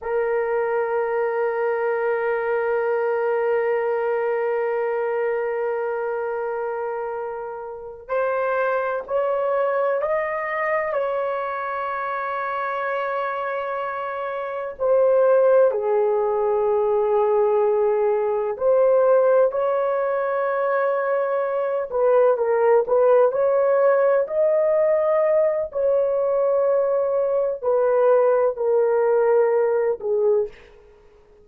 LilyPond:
\new Staff \with { instrumentName = "horn" } { \time 4/4 \tempo 4 = 63 ais'1~ | ais'1~ | ais'8 c''4 cis''4 dis''4 cis''8~ | cis''2.~ cis''8 c''8~ |
c''8 gis'2. c''8~ | c''8 cis''2~ cis''8 b'8 ais'8 | b'8 cis''4 dis''4. cis''4~ | cis''4 b'4 ais'4. gis'8 | }